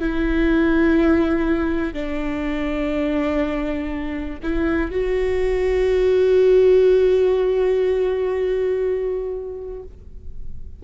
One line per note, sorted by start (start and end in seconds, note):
0.00 1.94 E4
1.94 4.39 D4
4.43 4.91 E4
4.91 9.83 F#4